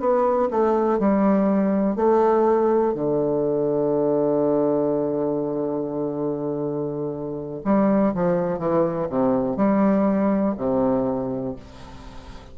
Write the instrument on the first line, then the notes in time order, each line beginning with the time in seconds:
bassoon
0.00 B3
0.51 A3
0.99 G3
1.96 A3
2.94 D3
7.65 G3
8.14 F3
8.59 E3
9.09 C3
9.57 G3
10.57 C3